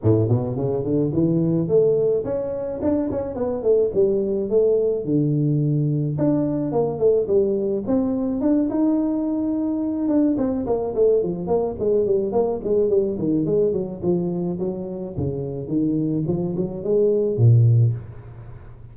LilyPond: \new Staff \with { instrumentName = "tuba" } { \time 4/4 \tempo 4 = 107 a,8 b,8 cis8 d8 e4 a4 | cis'4 d'8 cis'8 b8 a8 g4 | a4 d2 d'4 | ais8 a8 g4 c'4 d'8 dis'8~ |
dis'2 d'8 c'8 ais8 a8 | f8 ais8 gis8 g8 ais8 gis8 g8 dis8 | gis8 fis8 f4 fis4 cis4 | dis4 f8 fis8 gis4 ais,4 | }